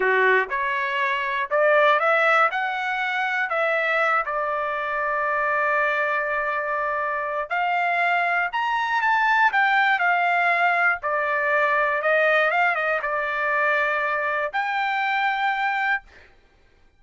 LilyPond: \new Staff \with { instrumentName = "trumpet" } { \time 4/4 \tempo 4 = 120 fis'4 cis''2 d''4 | e''4 fis''2 e''4~ | e''8 d''2.~ d''8~ | d''2. f''4~ |
f''4 ais''4 a''4 g''4 | f''2 d''2 | dis''4 f''8 dis''8 d''2~ | d''4 g''2. | }